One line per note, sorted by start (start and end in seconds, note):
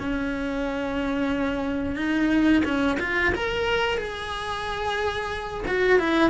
0.00 1.96 C#4
1.96 2.63 D#4
2.65 2.98 C#4
3.00 3.34 F4
3.35 3.98 A#4
3.98 5.65 G#4
5.68 5.99 F#4
5.99 6.31 E4